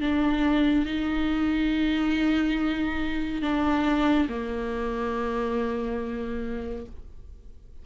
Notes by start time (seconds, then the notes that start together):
0.00 D4
0.85 D#4
3.42 D4
4.28 A#3